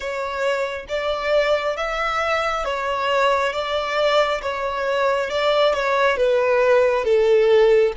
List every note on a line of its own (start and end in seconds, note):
0.00 0.86 C#5
0.88 1.76 D5
1.76 2.65 E5
2.65 3.53 C#5
3.53 4.41 D5
4.42 5.30 C#5
5.30 5.74 D5
5.74 6.16 C#5
6.16 7.04 B4
7.04 7.92 A4